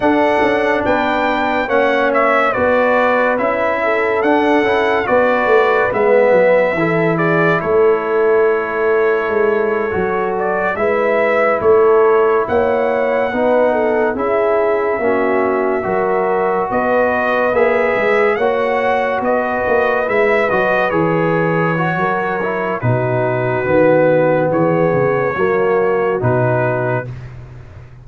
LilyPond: <<
  \new Staff \with { instrumentName = "trumpet" } { \time 4/4 \tempo 4 = 71 fis''4 g''4 fis''8 e''8 d''4 | e''4 fis''4 d''4 e''4~ | e''8 d''8 cis''2.~ | cis''16 d''8 e''4 cis''4 fis''4~ fis''16~ |
fis''8. e''2. dis''16~ | dis''8. e''4 fis''4 dis''4 e''16~ | e''16 dis''8 cis''2~ cis''16 b'4~ | b'4 cis''2 b'4 | }
  \new Staff \with { instrumentName = "horn" } { \time 4/4 a'4 b'4 cis''4 b'4~ | b'8 a'4. b'2 | a'8 gis'8 a'2.~ | a'8. b'4 a'4 cis''4 b'16~ |
b'16 a'8 gis'4 fis'4 ais'4 b'16~ | b'4.~ b'16 cis''4 b'4~ b'16~ | b'2 ais'4 fis'4~ | fis'4 gis'4 fis'2 | }
  \new Staff \with { instrumentName = "trombone" } { \time 4/4 d'2 cis'4 fis'4 | e'4 d'8 e'8 fis'4 b4 | e'2.~ e'8. fis'16~ | fis'8. e'2. dis'16~ |
dis'8. e'4 cis'4 fis'4~ fis'16~ | fis'8. gis'4 fis'2 e'16~ | e'16 fis'8 gis'4 fis'8. e'8 dis'4 | b2 ais4 dis'4 | }
  \new Staff \with { instrumentName = "tuba" } { \time 4/4 d'8 cis'8 b4 ais4 b4 | cis'4 d'8 cis'8 b8 a8 gis8 fis8 | e4 a2 gis8. fis16~ | fis8. gis4 a4 ais4 b16~ |
b8. cis'4 ais4 fis4 b16~ | b8. ais8 gis8 ais4 b8 ais8 gis16~ | gis16 fis8 e4~ e16 fis4 b,4 | dis4 e8 cis8 fis4 b,4 | }
>>